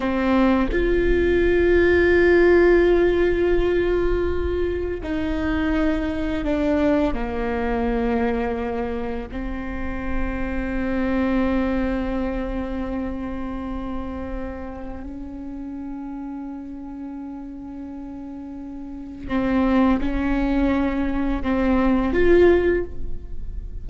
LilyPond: \new Staff \with { instrumentName = "viola" } { \time 4/4 \tempo 4 = 84 c'4 f'2.~ | f'2. dis'4~ | dis'4 d'4 ais2~ | ais4 c'2.~ |
c'1~ | c'4 cis'2.~ | cis'2. c'4 | cis'2 c'4 f'4 | }